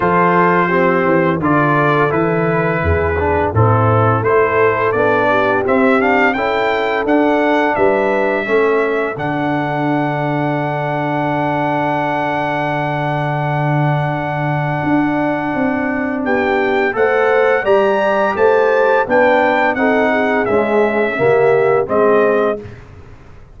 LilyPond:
<<
  \new Staff \with { instrumentName = "trumpet" } { \time 4/4 \tempo 4 = 85 c''2 d''4 b'4~ | b'4 a'4 c''4 d''4 | e''8 f''8 g''4 fis''4 e''4~ | e''4 fis''2.~ |
fis''1~ | fis''2. g''4 | fis''4 ais''4 a''4 g''4 | fis''4 e''2 dis''4 | }
  \new Staff \with { instrumentName = "horn" } { \time 4/4 a'4 g'4 a'2 | gis'4 e'4 a'4. g'8~ | g'4 a'2 b'4 | a'1~ |
a'1~ | a'2. g'4 | c''4 d''4 c''4 b'4 | a'8 gis'4. g'4 gis'4 | }
  \new Staff \with { instrumentName = "trombone" } { \time 4/4 f'4 c'4 f'4 e'4~ | e'8 d'8 c'4 e'4 d'4 | c'8 d'8 e'4 d'2 | cis'4 d'2.~ |
d'1~ | d'1 | a'4 g'2 d'4 | dis'4 gis4 ais4 c'4 | }
  \new Staff \with { instrumentName = "tuba" } { \time 4/4 f4. e8 d4 e4 | e,4 a,4 a4 b4 | c'4 cis'4 d'4 g4 | a4 d2.~ |
d1~ | d4 d'4 c'4 b4 | a4 g4 a4 b4 | c'4 cis'4 cis4 gis4 | }
>>